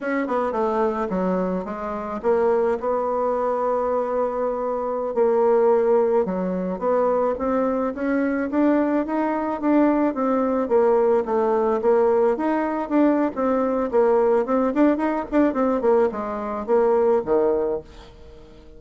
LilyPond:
\new Staff \with { instrumentName = "bassoon" } { \time 4/4 \tempo 4 = 108 cis'8 b8 a4 fis4 gis4 | ais4 b2.~ | b4~ b16 ais2 fis8.~ | fis16 b4 c'4 cis'4 d'8.~ |
d'16 dis'4 d'4 c'4 ais8.~ | ais16 a4 ais4 dis'4 d'8. | c'4 ais4 c'8 d'8 dis'8 d'8 | c'8 ais8 gis4 ais4 dis4 | }